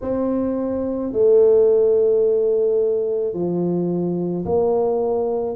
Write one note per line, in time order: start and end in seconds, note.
0.01 1.12 C4
1.12 3.33 A3
3.33 4.44 F3
4.45 5.56 A#3